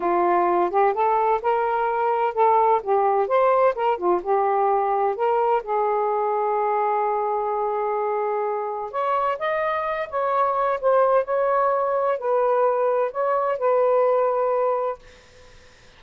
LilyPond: \new Staff \with { instrumentName = "saxophone" } { \time 4/4 \tempo 4 = 128 f'4. g'8 a'4 ais'4~ | ais'4 a'4 g'4 c''4 | ais'8 f'8 g'2 ais'4 | gis'1~ |
gis'2. cis''4 | dis''4. cis''4. c''4 | cis''2 b'2 | cis''4 b'2. | }